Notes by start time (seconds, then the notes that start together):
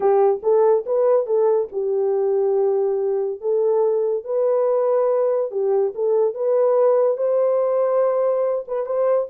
0.00 G4
0.42 A4
0.85 B4
1.26 A4
1.72 G4
3.41 A4
4.24 B4
5.51 G4
5.94 A4
6.34 B4
7.17 C5
8.67 B4
8.85 C5